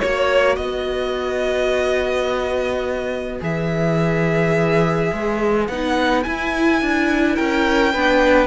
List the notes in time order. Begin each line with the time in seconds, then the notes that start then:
0.00 A#3 F#4 C#5
0.56 B3 B4 D#5
3.41 E3 G#4 E5
5.13 G#3
5.67 B3 D#4 F#5
6.24 E4 G#5
6.82 D4
7.36 C#4 A#4 G5
7.93 B3 D4 B4